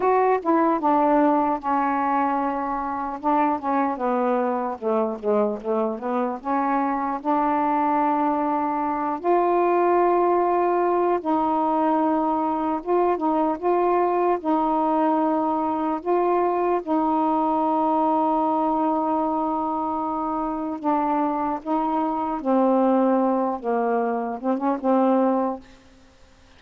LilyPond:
\new Staff \with { instrumentName = "saxophone" } { \time 4/4 \tempo 4 = 75 fis'8 e'8 d'4 cis'2 | d'8 cis'8 b4 a8 gis8 a8 b8 | cis'4 d'2~ d'8 f'8~ | f'2 dis'2 |
f'8 dis'8 f'4 dis'2 | f'4 dis'2.~ | dis'2 d'4 dis'4 | c'4. ais4 c'16 cis'16 c'4 | }